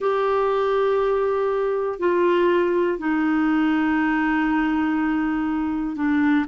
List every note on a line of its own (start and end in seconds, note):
0.00 1.99 G4
1.99 2.98 F4
2.98 5.95 D#4
5.95 6.45 D4